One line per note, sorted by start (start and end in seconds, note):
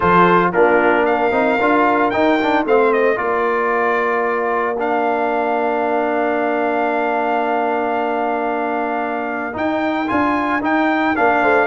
0.00 0.54 F3
0.00 0.53 F4
0.00 0.51 A4
0.00 0.51 C5
0.52 1.31 A#3
0.52 1.31 D4
0.52 1.05 F4
0.52 1.05 A#4
1.05 2.66 A#4
1.05 2.10 F5
1.31 1.58 C4
1.31 1.58 D#4
1.60 2.13 D4
1.60 2.12 F4
2.10 2.38 D#4
2.10 2.65 D#4
2.10 2.63 G5
2.41 2.66 D4
2.65 3.18 A3
2.65 3.15 C4
2.65 3.17 C5
2.65 2.92 F5
2.92 3.17 D#5
3.15 9.55 A#3
3.15 4.75 F4
3.15 11.40 A#4
3.15 4.76 D5
4.77 9.52 D4
4.77 9.57 F5
9.52 10.05 D#4
9.52 10.09 D#4
9.52 10.08 G5
10.07 10.62 D4
10.07 10.60 F4
10.07 10.61 G#5
10.61 11.14 D#4
10.61 11.15 D#4
10.61 11.16 G5
11.16 11.43 A#3
11.16 11.66 D4
11.16 11.66 F5
11.41 11.66 A3
11.41 11.66 C5